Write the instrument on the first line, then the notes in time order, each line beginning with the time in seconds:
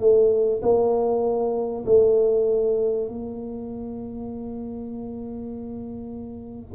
tuba
0.00 A3
0.62 A#3
1.85 A3
3.08 A#3